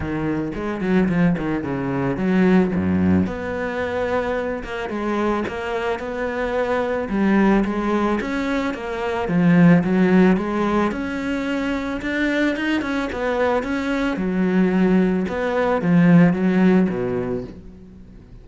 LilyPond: \new Staff \with { instrumentName = "cello" } { \time 4/4 \tempo 4 = 110 dis4 gis8 fis8 f8 dis8 cis4 | fis4 fis,4 b2~ | b8 ais8 gis4 ais4 b4~ | b4 g4 gis4 cis'4 |
ais4 f4 fis4 gis4 | cis'2 d'4 dis'8 cis'8 | b4 cis'4 fis2 | b4 f4 fis4 b,4 | }